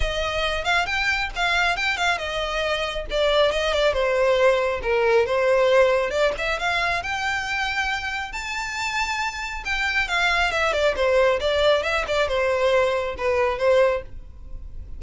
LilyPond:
\new Staff \with { instrumentName = "violin" } { \time 4/4 \tempo 4 = 137 dis''4. f''8 g''4 f''4 | g''8 f''8 dis''2 d''4 | dis''8 d''8 c''2 ais'4 | c''2 d''8 e''8 f''4 |
g''2. a''4~ | a''2 g''4 f''4 | e''8 d''8 c''4 d''4 e''8 d''8 | c''2 b'4 c''4 | }